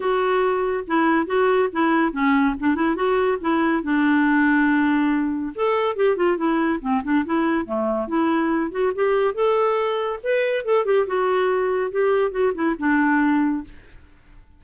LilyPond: \new Staff \with { instrumentName = "clarinet" } { \time 4/4 \tempo 4 = 141 fis'2 e'4 fis'4 | e'4 cis'4 d'8 e'8 fis'4 | e'4 d'2.~ | d'4 a'4 g'8 f'8 e'4 |
c'8 d'8 e'4 a4 e'4~ | e'8 fis'8 g'4 a'2 | b'4 a'8 g'8 fis'2 | g'4 fis'8 e'8 d'2 | }